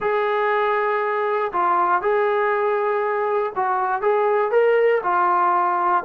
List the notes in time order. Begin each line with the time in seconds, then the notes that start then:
0.00 G#4
1.52 F4
2.01 G#4
3.55 F#4
4.01 G#4
4.51 A#4
5.03 F4